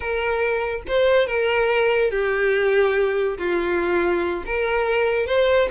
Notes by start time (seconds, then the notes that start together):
0.00 A#4
0.87 C5
1.26 A#4
2.10 G4
3.38 F4
4.46 A#4
5.26 C5